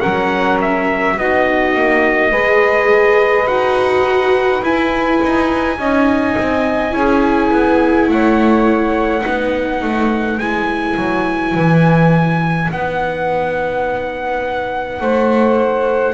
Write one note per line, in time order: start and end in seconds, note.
0.00 1.17 F#3
0.00 1.17 C#4
0.00 1.15 A#4
0.00 0.58 F#5
0.61 1.19 E5
1.17 1.75 B3
1.17 2.32 D#4
1.17 2.31 F#4
1.17 3.48 D#5
1.75 2.32 A#3
2.31 3.47 G#3
2.31 3.47 G#4
2.31 5.77 B4
3.47 4.62 D#4
3.47 4.62 F#4
3.47 4.63 F#5
4.63 5.20 E4
4.63 5.78 E4
4.63 8.10 G#5
5.23 5.79 D#4
5.79 6.36 C#4
5.79 6.91 D#4
5.79 6.95 D#5
6.38 6.93 C4
6.91 7.50 C#4
6.91 9.21 E4
6.91 8.10 G#4
7.51 8.09 B3
8.09 9.24 A3
8.09 9.23 C#5
8.09 10.39 F#5
9.21 9.82 B3
9.21 10.37 D#4
9.21 15.00 B4
9.82 10.38 A3
10.38 10.95 G#3
10.38 12.71 E4
10.38 12.70 G#5
10.97 11.55 F#3
11.55 12.70 E3
12.71 15.01 B3
12.71 16.14 D#4
12.71 16.14 F#5
15.01 16.14 A3
15.01 16.14 C5